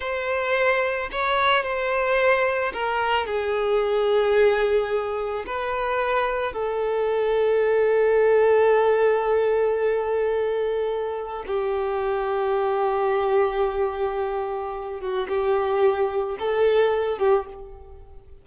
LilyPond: \new Staff \with { instrumentName = "violin" } { \time 4/4 \tempo 4 = 110 c''2 cis''4 c''4~ | c''4 ais'4 gis'2~ | gis'2 b'2 | a'1~ |
a'1~ | a'4 g'2.~ | g'2.~ g'8 fis'8 | g'2 a'4. g'8 | }